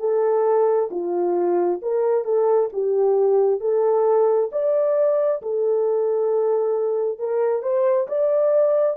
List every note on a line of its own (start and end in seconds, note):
0.00 0.90 A4
0.91 1.81 F4
1.82 2.25 A#4
2.25 2.69 A4
2.73 3.61 G4
3.61 4.50 A4
4.52 5.42 D5
5.42 7.19 A4
7.19 7.62 A#4
7.62 8.07 C5
8.08 8.97 D5